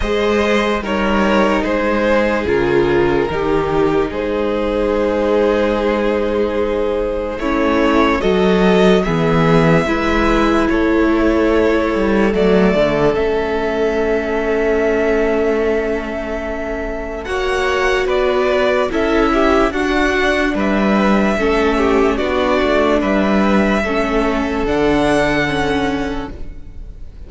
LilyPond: <<
  \new Staff \with { instrumentName = "violin" } { \time 4/4 \tempo 4 = 73 dis''4 cis''4 c''4 ais'4~ | ais'4 c''2.~ | c''4 cis''4 dis''4 e''4~ | e''4 cis''2 d''4 |
e''1~ | e''4 fis''4 d''4 e''4 | fis''4 e''2 d''4 | e''2 fis''2 | }
  \new Staff \with { instrumentName = "violin" } { \time 4/4 c''4 ais'4 gis'2 | g'4 gis'2.~ | gis'4 e'4 a'4 gis'4 | b'4 a'2.~ |
a'1~ | a'4 cis''4 b'4 a'8 g'8 | fis'4 b'4 a'8 g'8 fis'4 | b'4 a'2. | }
  \new Staff \with { instrumentName = "viola" } { \time 4/4 gis'4 dis'2 f'4 | dis'1~ | dis'4 cis'4 fis'4 b4 | e'2. a4 |
cis'1~ | cis'4 fis'2 e'4 | d'2 cis'4 d'4~ | d'4 cis'4 d'4 cis'4 | }
  \new Staff \with { instrumentName = "cello" } { \time 4/4 gis4 g4 gis4 cis4 | dis4 gis2.~ | gis4 a4 fis4 e4 | gis4 a4. g8 fis8 d8 |
a1~ | a4 ais4 b4 cis'4 | d'4 g4 a4 b8 a8 | g4 a4 d2 | }
>>